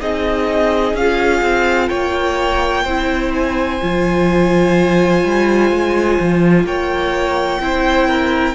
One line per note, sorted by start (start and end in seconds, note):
0.00 0.93 C4
0.00 0.95 D#4
0.00 1.88 G#4
0.00 0.96 D#5
0.93 1.41 C#4
0.93 1.88 F5
0.99 2.87 F4
1.41 1.89 C4
1.88 2.84 A#3
1.88 2.83 C#5
1.88 3.31 G5
2.83 3.80 C4
2.83 3.80 E4
2.83 6.64 C5
3.34 6.66 G#5
3.80 5.23 F3
3.80 7.61 F4
5.23 5.71 G3
5.71 6.18 G#3
6.20 6.63 F3
6.63 7.59 A#3
6.63 7.61 C#5
6.63 8.55 G5
7.60 8.55 C4
7.60 8.55 E4
7.60 8.07 C5
8.07 8.55 A#4